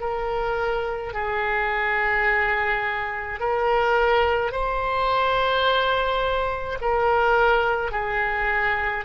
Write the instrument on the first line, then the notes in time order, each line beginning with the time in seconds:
oboe
0.00 A#4
1.14 G#4
3.40 A#4
4.52 C5
6.81 A#4
7.91 G#4